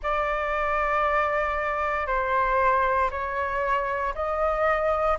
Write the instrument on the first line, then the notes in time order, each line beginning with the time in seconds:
flute
0.02 D5
2.06 C5
3.10 C#5
4.14 D#5